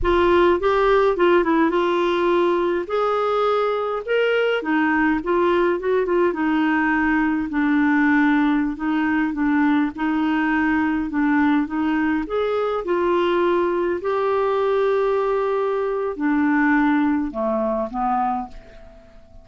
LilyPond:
\new Staff \with { instrumentName = "clarinet" } { \time 4/4 \tempo 4 = 104 f'4 g'4 f'8 e'8 f'4~ | f'4 gis'2 ais'4 | dis'4 f'4 fis'8 f'8 dis'4~ | dis'4 d'2~ d'16 dis'8.~ |
dis'16 d'4 dis'2 d'8.~ | d'16 dis'4 gis'4 f'4.~ f'16~ | f'16 g'2.~ g'8. | d'2 a4 b4 | }